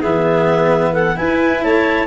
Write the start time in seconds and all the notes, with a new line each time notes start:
0.00 E3 B3 G#4 E5
0.92 A4 F#5
1.15 E4 B4 G#5
1.62 A3 C#5 A5